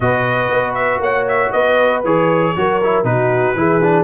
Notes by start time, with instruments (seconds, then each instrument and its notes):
0.00 tuba B2, trombone F#4, horn B4, trumpet D#5
0.51 tuba B3
0.74 trumpet E5
0.99 tuba A#3, horn C#5, trumpet F#5
1.28 trumpet E5
1.52 tuba B3, horn B4, trumpet D#5
2.04 tuba E3, trombone G#4, trumpet C#5
2.56 tuba F#3, trombone F#4, horn A#4
2.83 trombone E4
3.03 tuba B2, trombone D#4, horn F#4, trumpet B4
3.55 tuba E3, trombone E4, horn G#4
3.83 trombone D4